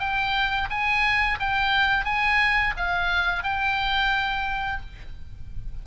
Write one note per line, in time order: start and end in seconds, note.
0.00 0.69 G5
0.70 1.39 G#5
1.40 2.05 G5
2.05 2.74 G#5
2.77 3.44 F5
3.44 4.82 G5